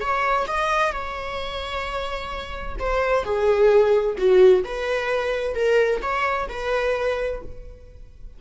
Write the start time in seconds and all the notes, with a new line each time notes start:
0.00 C#5
0.47 D#5
0.91 C#5
2.79 C5
3.23 G#4
4.17 F#4
4.64 B4
5.54 A#4
6.01 C#5
6.48 B4